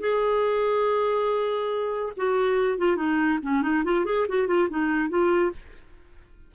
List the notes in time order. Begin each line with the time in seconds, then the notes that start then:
0.00 G#4
2.17 F#4
2.78 F4
2.96 D#4
3.42 C#4
3.62 D#4
3.84 F4
4.05 G#4
4.28 F#4
4.47 F4
4.69 D#4
5.09 F4